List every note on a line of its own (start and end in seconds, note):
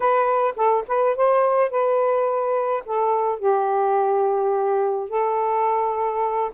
0.00 0.54 B4
0.56 0.84 A4
0.87 1.16 B4
1.16 1.70 C5
1.70 2.83 B4
2.85 3.39 A4
3.39 5.09 G4
5.09 6.50 A4